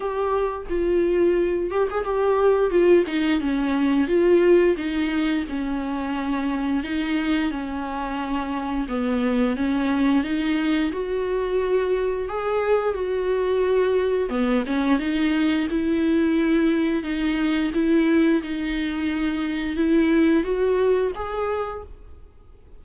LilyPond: \new Staff \with { instrumentName = "viola" } { \time 4/4 \tempo 4 = 88 g'4 f'4. g'16 gis'16 g'4 | f'8 dis'8 cis'4 f'4 dis'4 | cis'2 dis'4 cis'4~ | cis'4 b4 cis'4 dis'4 |
fis'2 gis'4 fis'4~ | fis'4 b8 cis'8 dis'4 e'4~ | e'4 dis'4 e'4 dis'4~ | dis'4 e'4 fis'4 gis'4 | }